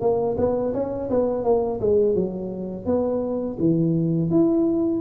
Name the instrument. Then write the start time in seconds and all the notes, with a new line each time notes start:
tuba
0.00 A#3
0.37 B3
0.73 C#4
1.10 B3
1.44 A#3
1.80 G#3
2.15 F#3
2.85 B3
3.59 E3
4.30 E4